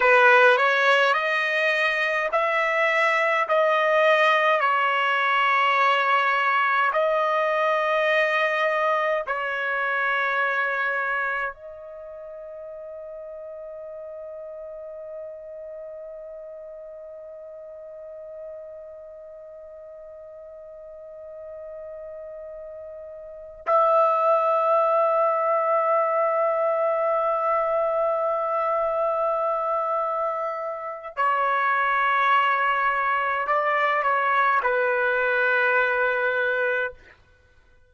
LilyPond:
\new Staff \with { instrumentName = "trumpet" } { \time 4/4 \tempo 4 = 52 b'8 cis''8 dis''4 e''4 dis''4 | cis''2 dis''2 | cis''2 dis''2~ | dis''1~ |
dis''1~ | dis''8 e''2.~ e''8~ | e''2. cis''4~ | cis''4 d''8 cis''8 b'2 | }